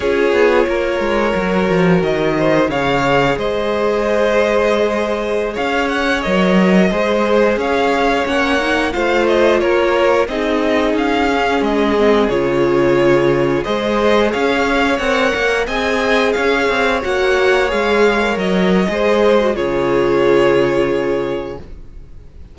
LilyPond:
<<
  \new Staff \with { instrumentName = "violin" } { \time 4/4 \tempo 4 = 89 cis''2. dis''4 | f''4 dis''2.~ | dis''16 f''8 fis''8 dis''2 f''8.~ | f''16 fis''4 f''8 dis''8 cis''4 dis''8.~ |
dis''16 f''4 dis''4 cis''4.~ cis''16~ | cis''16 dis''4 f''4 fis''4 gis''8.~ | gis''16 f''4 fis''4 f''4 dis''8.~ | dis''4 cis''2. | }
  \new Staff \with { instrumentName = "violin" } { \time 4/4 gis'4 ais'2~ ais'8 c''8 | cis''4 c''2.~ | c''16 cis''2 c''4 cis''8.~ | cis''4~ cis''16 c''4 ais'4 gis'8.~ |
gis'1~ | gis'16 c''4 cis''2 dis''8.~ | dis''16 cis''2.~ cis''8. | c''4 gis'2. | }
  \new Staff \with { instrumentName = "viola" } { \time 4/4 f'2 fis'2 | gis'1~ | gis'4~ gis'16 ais'4 gis'4.~ gis'16~ | gis'16 cis'8 dis'8 f'2 dis'8.~ |
dis'8. cis'4 c'8 f'4.~ f'16~ | f'16 gis'2 ais'4 gis'8.~ | gis'4~ gis'16 fis'4 gis'8. ais'4 | gis'8. fis'16 f'2. | }
  \new Staff \with { instrumentName = "cello" } { \time 4/4 cis'8 b8 ais8 gis8 fis8 f8 dis4 | cis4 gis2.~ | gis16 cis'4 fis4 gis4 cis'8.~ | cis'16 ais4 a4 ais4 c'8.~ |
c'16 cis'4 gis4 cis4.~ cis16~ | cis16 gis4 cis'4 c'8 ais8 c'8.~ | c'16 cis'8 c'8 ais4 gis4 fis8. | gis4 cis2. | }
>>